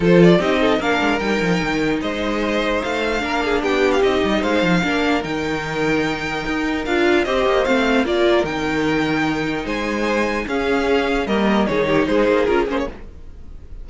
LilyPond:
<<
  \new Staff \with { instrumentName = "violin" } { \time 4/4 \tempo 4 = 149 c''8 d''8 dis''4 f''4 g''4~ | g''4 dis''2 f''4~ | f''4 g''8. f''16 dis''4 f''4~ | f''4 g''2.~ |
g''4 f''4 dis''4 f''4 | d''4 g''2. | gis''2 f''2 | dis''4 cis''4 c''4 ais'8 c''16 cis''16 | }
  \new Staff \with { instrumentName = "violin" } { \time 4/4 a'4 g'8 a'8 ais'2~ | ais'4 c''2. | ais'8 gis'8 g'2 c''4 | ais'1~ |
ais'2 c''2 | ais'1 | c''2 gis'2 | ais'4 gis'8 g'8 gis'2 | }
  \new Staff \with { instrumentName = "viola" } { \time 4/4 f'4 dis'4 d'4 dis'4~ | dis'1 | d'2 dis'2 | d'4 dis'2.~ |
dis'4 f'4 g'4 c'4 | f'4 dis'2.~ | dis'2 cis'2 | ais4 dis'2 f'8 cis'8 | }
  \new Staff \with { instrumentName = "cello" } { \time 4/4 f4 c'4 ais8 gis8 g8 f8 | dis4 gis2 a4 | ais4 b4 c'8 g8 gis8 f8 | ais4 dis2. |
dis'4 d'4 c'8 ais8 a4 | ais4 dis2. | gis2 cis'2 | g4 dis4 gis8 ais8 cis'8 ais8 | }
>>